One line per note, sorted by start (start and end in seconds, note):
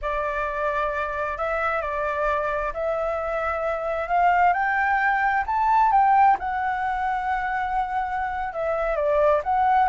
0.01 1.37 D5
1.37 1.81 E5
1.81 2.72 D5
2.73 4.08 E5
4.08 4.53 F5
4.53 5.44 G5
5.46 5.91 A5
5.91 6.36 G5
6.39 8.53 F#5
8.53 8.96 E5
8.96 9.41 D5
9.43 9.89 F#5